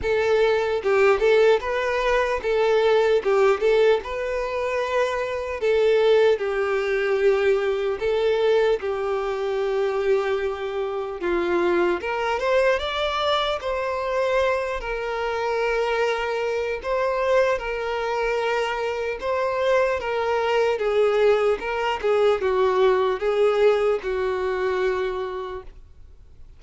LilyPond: \new Staff \with { instrumentName = "violin" } { \time 4/4 \tempo 4 = 75 a'4 g'8 a'8 b'4 a'4 | g'8 a'8 b'2 a'4 | g'2 a'4 g'4~ | g'2 f'4 ais'8 c''8 |
d''4 c''4. ais'4.~ | ais'4 c''4 ais'2 | c''4 ais'4 gis'4 ais'8 gis'8 | fis'4 gis'4 fis'2 | }